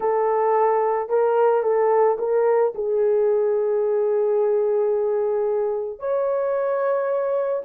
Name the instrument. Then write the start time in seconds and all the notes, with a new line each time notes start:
horn
0.00 A4
1.09 A#4
1.62 A4
2.18 A#4
2.74 G#4
5.99 C#5